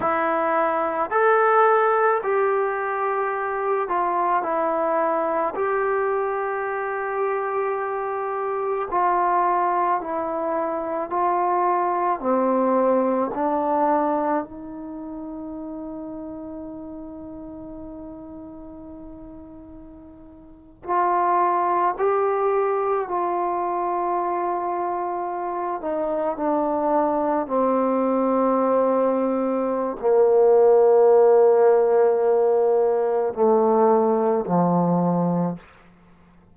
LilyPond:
\new Staff \with { instrumentName = "trombone" } { \time 4/4 \tempo 4 = 54 e'4 a'4 g'4. f'8 | e'4 g'2. | f'4 e'4 f'4 c'4 | d'4 dis'2.~ |
dis'2~ dis'8. f'4 g'16~ | g'8. f'2~ f'8 dis'8 d'16~ | d'8. c'2~ c'16 ais4~ | ais2 a4 f4 | }